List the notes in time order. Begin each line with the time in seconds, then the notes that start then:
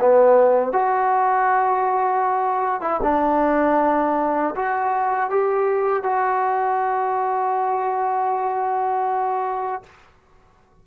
0.00 B3
0.72 F#4
2.81 E4
3.03 D4
4.55 F#4
5.30 G4
6.03 F#4